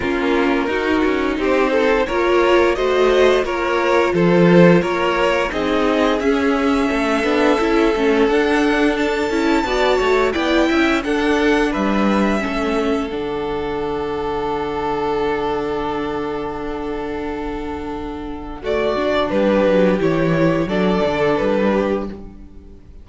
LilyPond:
<<
  \new Staff \with { instrumentName = "violin" } { \time 4/4 \tempo 4 = 87 ais'2 c''4 cis''4 | dis''4 cis''4 c''4 cis''4 | dis''4 e''2. | fis''4 a''2 g''4 |
fis''4 e''2 fis''4~ | fis''1~ | fis''2. d''4 | b'4 cis''4 d''4 b'4 | }
  \new Staff \with { instrumentName = "violin" } { \time 4/4 f'4 fis'4 g'8 a'8 ais'4 | c''4 ais'4 a'4 ais'4 | gis'2 a'2~ | a'2 d''8 cis''8 d''8 e''8 |
a'4 b'4 a'2~ | a'1~ | a'2. fis'4 | g'2 a'4. g'8 | }
  \new Staff \with { instrumentName = "viola" } { \time 4/4 cis'4 dis'2 f'4 | fis'4 f'2. | dis'4 cis'4. d'8 e'8 cis'8 | d'4. e'8 fis'4 e'4 |
d'2 cis'4 d'4~ | d'1~ | d'2. a8 d'8~ | d'4 e'4 d'2 | }
  \new Staff \with { instrumentName = "cello" } { \time 4/4 ais4 dis'8 cis'8 c'4 ais4 | a4 ais4 f4 ais4 | c'4 cis'4 a8 b8 cis'8 a8 | d'4. cis'8 b8 a8 b8 cis'8 |
d'4 g4 a4 d4~ | d1~ | d1 | g8 fis8 e4 fis8 d8 g4 | }
>>